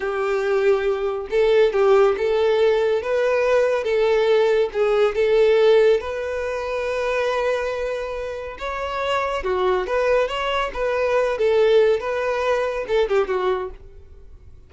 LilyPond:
\new Staff \with { instrumentName = "violin" } { \time 4/4 \tempo 4 = 140 g'2. a'4 | g'4 a'2 b'4~ | b'4 a'2 gis'4 | a'2 b'2~ |
b'1 | cis''2 fis'4 b'4 | cis''4 b'4. a'4. | b'2 a'8 g'8 fis'4 | }